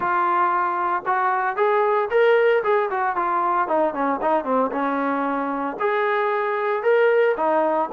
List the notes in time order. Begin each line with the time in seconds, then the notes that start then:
0.00 F4
1.06 F#4
1.56 G#4
2.10 A#4
2.63 G#4
2.90 F#4
3.16 F4
3.67 D#4
3.93 C#4
4.21 D#4
4.44 C4
4.71 C#4
5.79 G#4
6.83 A#4
7.36 D#4